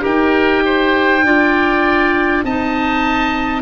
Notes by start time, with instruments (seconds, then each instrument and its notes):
0.00 tuba D#4, clarinet G4, oboe A#4 G5
0.65 oboe C5
1.23 tuba D4, clarinet F4, oboe D5
2.44 tuba C4, clarinet D#4, oboe D#5 A5